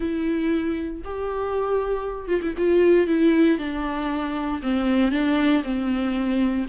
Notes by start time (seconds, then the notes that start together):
0.00 E4
1.04 G4
2.28 F4
2.41 E4
2.57 F4
3.07 E4
3.58 D4
4.62 C4
5.11 D4
5.63 C4